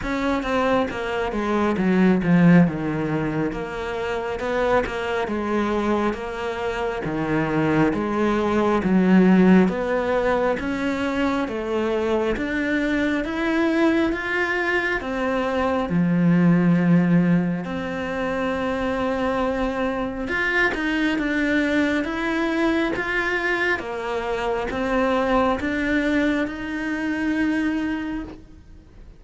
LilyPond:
\new Staff \with { instrumentName = "cello" } { \time 4/4 \tempo 4 = 68 cis'8 c'8 ais8 gis8 fis8 f8 dis4 | ais4 b8 ais8 gis4 ais4 | dis4 gis4 fis4 b4 | cis'4 a4 d'4 e'4 |
f'4 c'4 f2 | c'2. f'8 dis'8 | d'4 e'4 f'4 ais4 | c'4 d'4 dis'2 | }